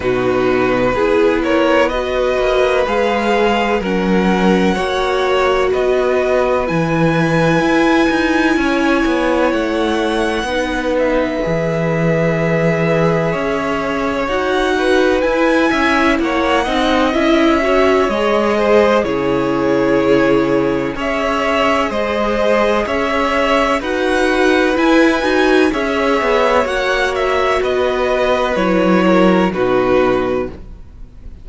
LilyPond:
<<
  \new Staff \with { instrumentName = "violin" } { \time 4/4 \tempo 4 = 63 b'4. cis''8 dis''4 f''4 | fis''2 dis''4 gis''4~ | gis''2 fis''4. e''8~ | e''2. fis''4 |
gis''4 fis''4 e''4 dis''4 | cis''2 e''4 dis''4 | e''4 fis''4 gis''4 e''4 | fis''8 e''8 dis''4 cis''4 b'4 | }
  \new Staff \with { instrumentName = "violin" } { \time 4/4 fis'4 gis'8 ais'8 b'2 | ais'4 cis''4 b'2~ | b'4 cis''2 b'4~ | b'2 cis''4. b'8~ |
b'8 e''8 cis''8 dis''4 cis''4 c''8 | gis'2 cis''4 c''4 | cis''4 b'2 cis''4~ | cis''4 b'4. ais'8 fis'4 | }
  \new Staff \with { instrumentName = "viola" } { \time 4/4 dis'4 e'4 fis'4 gis'4 | cis'4 fis'2 e'4~ | e'2. dis'4 | gis'2. fis'4 |
e'4. dis'8 e'8 fis'8 gis'4 | e'2 gis'2~ | gis'4 fis'4 e'8 fis'8 gis'4 | fis'2 e'4 dis'4 | }
  \new Staff \with { instrumentName = "cello" } { \time 4/4 b,4 b4. ais8 gis4 | fis4 ais4 b4 e4 | e'8 dis'8 cis'8 b8 a4 b4 | e2 cis'4 dis'4 |
e'8 cis'8 ais8 c'8 cis'4 gis4 | cis2 cis'4 gis4 | cis'4 dis'4 e'8 dis'8 cis'8 b8 | ais4 b4 fis4 b,4 | }
>>